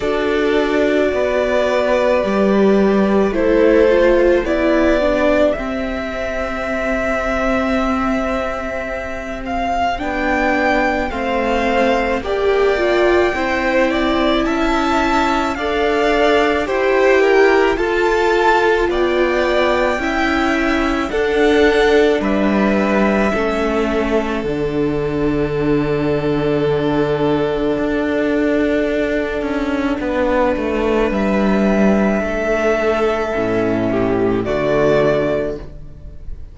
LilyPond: <<
  \new Staff \with { instrumentName = "violin" } { \time 4/4 \tempo 4 = 54 d''2. c''4 | d''4 e''2.~ | e''8 f''8 g''4 f''4 g''4~ | g''4 a''4 f''4 g''4 |
a''4 g''2 fis''4 | e''2 fis''2~ | fis''1 | e''2. d''4 | }
  \new Staff \with { instrumentName = "violin" } { \time 4/4 a'4 b'2 a'4 | g'1~ | g'2 c''4 d''4 | c''8 d''8 e''4 d''4 c''8 ais'8 |
a'4 d''4 e''4 a'4 | b'4 a'2.~ | a'2. b'4~ | b'4 a'4. g'8 fis'4 | }
  \new Staff \with { instrumentName = "viola" } { \time 4/4 fis'2 g'4 e'8 f'8 | e'8 d'8 c'2.~ | c'4 d'4 c'4 g'8 f'8 | e'2 a'4 g'4 |
f'2 e'4 d'4~ | d'4 cis'4 d'2~ | d'1~ | d'2 cis'4 a4 | }
  \new Staff \with { instrumentName = "cello" } { \time 4/4 d'4 b4 g4 a4 | b4 c'2.~ | c'4 b4 a4 ais4 | c'4 cis'4 d'4 e'4 |
f'4 b4 cis'4 d'4 | g4 a4 d2~ | d4 d'4. cis'8 b8 a8 | g4 a4 a,4 d4 | }
>>